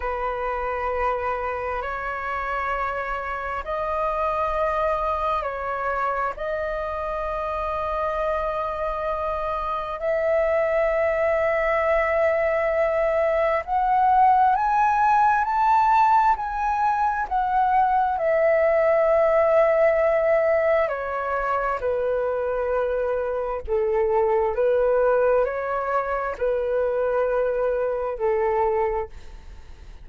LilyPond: \new Staff \with { instrumentName = "flute" } { \time 4/4 \tempo 4 = 66 b'2 cis''2 | dis''2 cis''4 dis''4~ | dis''2. e''4~ | e''2. fis''4 |
gis''4 a''4 gis''4 fis''4 | e''2. cis''4 | b'2 a'4 b'4 | cis''4 b'2 a'4 | }